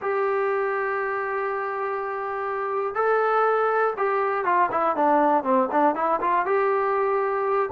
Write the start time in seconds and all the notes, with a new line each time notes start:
0.01 G4
2.94 A4
3.97 G4
4.44 F4
4.71 E4
4.96 D4
5.43 C4
5.71 D4
5.95 E4
6.20 F4
6.45 G4